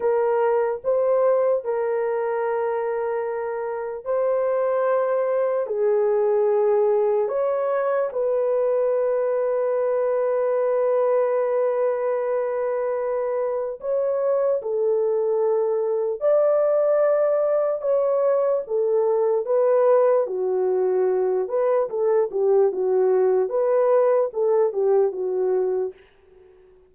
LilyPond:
\new Staff \with { instrumentName = "horn" } { \time 4/4 \tempo 4 = 74 ais'4 c''4 ais'2~ | ais'4 c''2 gis'4~ | gis'4 cis''4 b'2~ | b'1~ |
b'4 cis''4 a'2 | d''2 cis''4 a'4 | b'4 fis'4. b'8 a'8 g'8 | fis'4 b'4 a'8 g'8 fis'4 | }